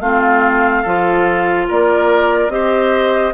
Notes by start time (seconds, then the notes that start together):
0.00 A3 C4 F4 F5
0.82 F3 F4 A4
1.69 A#3 A#4 D5
2.48 C4 G4 C5 D#5